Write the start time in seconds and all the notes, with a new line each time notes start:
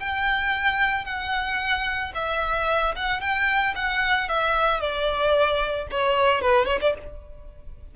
0.00 G5
1.05 F#5
2.15 E5
2.96 F#5
3.21 G5
3.76 F#5
4.29 E5
4.81 D5
5.92 C#5
6.42 B4
6.66 C#5
6.82 D5